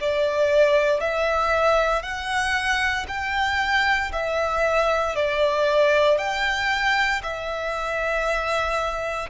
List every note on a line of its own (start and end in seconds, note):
0.00 1.00 D5
1.00 2.02 E5
2.02 3.06 F#5
3.08 4.11 G5
4.12 5.15 E5
5.15 6.18 D5
6.18 7.21 G5
7.22 9.29 E5